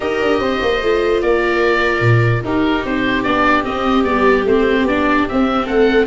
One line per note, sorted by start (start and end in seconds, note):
0.00 0.20 D#4
0.00 0.81 G4
0.00 0.41 A#4
0.00 1.21 D#5
0.20 0.39 D4
0.39 0.59 C4
0.39 1.22 C5
0.61 0.82 A#3
0.82 1.22 A3
0.82 2.44 F4
1.21 2.00 A#3
1.21 2.44 A#4
1.21 2.43 D5
2.00 2.41 A#2
2.44 2.84 D#4
2.44 3.25 D#4
2.44 5.65 G4
2.44 2.85 A#4
2.85 3.24 C4
2.85 3.23 C5
3.23 3.64 B3
3.23 3.63 D4
3.23 3.64 D5
3.63 4.03 C4
3.63 4.04 C4
3.63 4.04 D#5
4.03 4.44 G3
4.03 4.44 B3
4.03 4.44 D5
4.44 4.83 A3
4.44 4.89 C4
4.44 4.87 C5
4.83 5.24 B3
4.83 5.28 D4
4.83 5.28 D5
5.28 6.06 C4
5.28 5.68 C4
5.28 5.66 E5
5.65 6.06 A3
5.65 6.06 A4
5.65 6.06 F#5